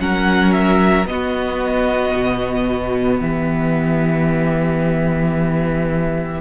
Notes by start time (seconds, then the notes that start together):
0.00 F#3 C#4 A#4 F#5
0.53 E5
1.05 B3 D#5
1.12 F#4
2.14 B2
3.20 E3 G4 E5